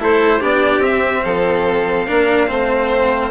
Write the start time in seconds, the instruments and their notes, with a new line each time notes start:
0.00 bassoon A3, cello E4, violin A4, trumpet C5
0.39 bassoon B3, cello D4, violin G4, trumpet D5
0.79 bassoon C4, cello C4, trumpet E5
1.24 bassoon F3, violin A4, trumpet F5
2.07 bassoon A#3, cello D4, violin A#4
2.48 bassoon A3, cello C4, violin C5